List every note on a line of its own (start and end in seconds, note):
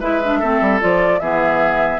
0.00 0.42 G#3
0.00 0.22 E4
0.00 0.39 B4
0.00 0.81 E5
0.24 0.42 D4
0.39 0.61 A3
0.39 0.80 C4
0.39 1.20 A4
0.61 0.81 G3
0.80 1.20 F3
0.80 1.21 F4
0.80 1.19 D5
1.19 1.99 E3
1.19 1.99 B3
1.19 1.99 G#4
1.19 1.99 E5